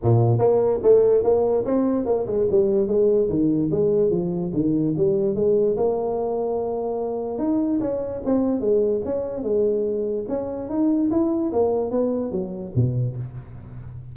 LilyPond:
\new Staff \with { instrumentName = "tuba" } { \time 4/4 \tempo 4 = 146 ais,4 ais4 a4 ais4 | c'4 ais8 gis8 g4 gis4 | dis4 gis4 f4 dis4 | g4 gis4 ais2~ |
ais2 dis'4 cis'4 | c'4 gis4 cis'4 gis4~ | gis4 cis'4 dis'4 e'4 | ais4 b4 fis4 b,4 | }